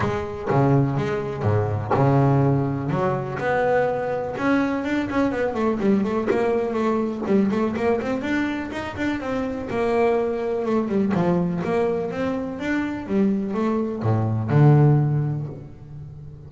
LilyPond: \new Staff \with { instrumentName = "double bass" } { \time 4/4 \tempo 4 = 124 gis4 cis4 gis4 gis,4 | cis2 fis4 b4~ | b4 cis'4 d'8 cis'8 b8 a8 | g8 a8 ais4 a4 g8 a8 |
ais8 c'8 d'4 dis'8 d'8 c'4 | ais2 a8 g8 f4 | ais4 c'4 d'4 g4 | a4 a,4 d2 | }